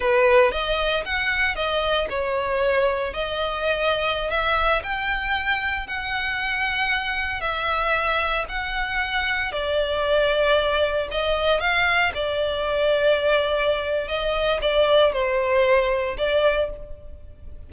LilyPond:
\new Staff \with { instrumentName = "violin" } { \time 4/4 \tempo 4 = 115 b'4 dis''4 fis''4 dis''4 | cis''2 dis''2~ | dis''16 e''4 g''2 fis''8.~ | fis''2~ fis''16 e''4.~ e''16~ |
e''16 fis''2 d''4.~ d''16~ | d''4~ d''16 dis''4 f''4 d''8.~ | d''2. dis''4 | d''4 c''2 d''4 | }